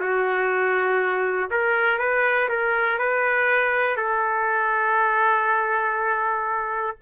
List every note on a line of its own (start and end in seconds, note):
0.00 1.50 F#4
1.50 1.98 A#4
1.98 2.48 B4
2.49 2.98 A#4
2.98 3.96 B4
3.96 6.96 A4